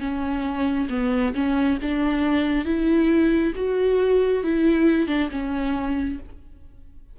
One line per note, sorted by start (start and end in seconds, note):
0.00 0.88 C#4
0.89 1.34 B3
1.34 1.78 C#4
1.82 2.65 D4
2.65 3.53 E4
3.55 4.43 F#4
4.43 5.07 E4
5.07 5.29 D4
5.31 6.19 C#4